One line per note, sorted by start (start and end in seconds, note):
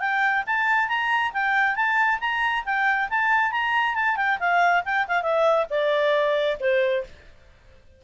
0.00 0.44 G5
0.47 0.89 A5
0.89 1.32 A#5
1.33 1.76 G5
1.76 2.20 A5
2.20 2.64 A#5
2.65 3.09 G5
3.10 3.52 A5
3.52 3.95 A#5
3.95 4.17 A5
4.17 4.39 G5
4.40 4.84 F5
4.85 5.07 G5
5.08 5.23 F5
5.23 5.66 E5
5.70 6.58 D5
6.61 7.04 C5